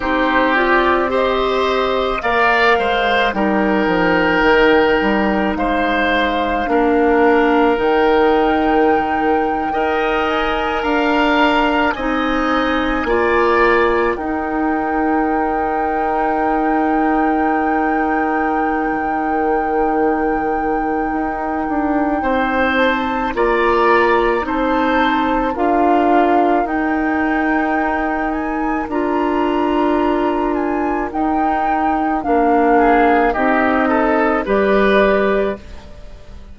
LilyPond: <<
  \new Staff \with { instrumentName = "flute" } { \time 4/4 \tempo 4 = 54 c''8 d''8 dis''4 f''4 g''4~ | g''4 f''2 g''4~ | g''4~ g''16 gis''8 ais''4 gis''4~ gis''16~ | gis''8. g''2.~ g''16~ |
g''1~ | g''8 a''8 ais''4 a''4 f''4 | g''4. gis''8 ais''4. gis''8 | g''4 f''4 dis''4 d''4 | }
  \new Staff \with { instrumentName = "oboe" } { \time 4/4 g'4 c''4 d''8 c''8 ais'4~ | ais'4 c''4 ais'2~ | ais'8. dis''4 f''4 dis''4 d''16~ | d''8. ais'2.~ ais'16~ |
ais'1 | c''4 d''4 c''4 ais'4~ | ais'1~ | ais'4. gis'8 g'8 a'8 b'4 | }
  \new Staff \with { instrumentName = "clarinet" } { \time 4/4 dis'8 f'8 g'4 ais'4 dis'4~ | dis'2 d'4 dis'4~ | dis'8. ais'2 dis'4 f'16~ | f'8. dis'2.~ dis'16~ |
dis'1~ | dis'4 f'4 dis'4 f'4 | dis'2 f'2 | dis'4 d'4 dis'4 g'4 | }
  \new Staff \with { instrumentName = "bassoon" } { \time 4/4 c'2 ais8 gis8 g8 f8 | dis8 g8 gis4 ais4 dis4~ | dis8. dis'4 d'4 c'4 ais16~ | ais8. dis'2.~ dis'16~ |
dis'4 dis2 dis'8 d'8 | c'4 ais4 c'4 d'4 | dis'2 d'2 | dis'4 ais4 c'4 g4 | }
>>